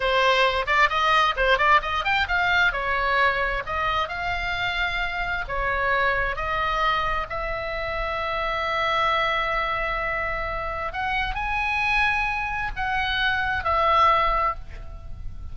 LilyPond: \new Staff \with { instrumentName = "oboe" } { \time 4/4 \tempo 4 = 132 c''4. d''8 dis''4 c''8 d''8 | dis''8 g''8 f''4 cis''2 | dis''4 f''2. | cis''2 dis''2 |
e''1~ | e''1 | fis''4 gis''2. | fis''2 e''2 | }